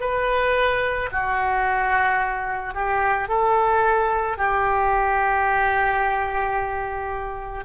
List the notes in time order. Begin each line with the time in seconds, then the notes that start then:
0.00 B4
1.12 F#4
2.74 G4
3.28 A4
4.37 G4